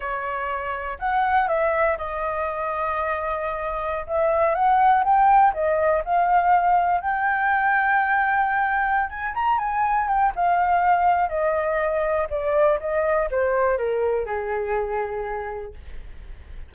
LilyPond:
\new Staff \with { instrumentName = "flute" } { \time 4/4 \tempo 4 = 122 cis''2 fis''4 e''4 | dis''1~ | dis''16 e''4 fis''4 g''4 dis''8.~ | dis''16 f''2 g''4.~ g''16~ |
g''2~ g''8 gis''8 ais''8 gis''8~ | gis''8 g''8 f''2 dis''4~ | dis''4 d''4 dis''4 c''4 | ais'4 gis'2. | }